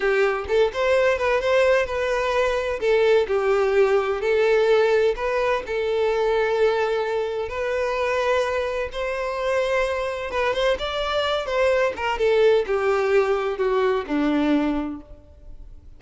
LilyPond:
\new Staff \with { instrumentName = "violin" } { \time 4/4 \tempo 4 = 128 g'4 a'8 c''4 b'8 c''4 | b'2 a'4 g'4~ | g'4 a'2 b'4 | a'1 |
b'2. c''4~ | c''2 b'8 c''8 d''4~ | d''8 c''4 ais'8 a'4 g'4~ | g'4 fis'4 d'2 | }